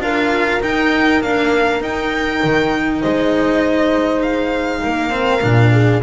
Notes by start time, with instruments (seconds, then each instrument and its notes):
0.00 double bass D4, cello F4, horn A#4, violin F5
0.62 cello D#4, double bass D#4, violin G5
1.22 cello A#3, double bass D4, violin F5
1.81 cello D#4, double bass D#4, violin G5
2.44 double bass D#3
3.01 double bass G#3, horn C5, violin D#5
4.22 violin F5
4.83 double bass A#3, horn A#4
5.10 cello C4
5.42 double bass A#2, cello D4
5.73 horn G#4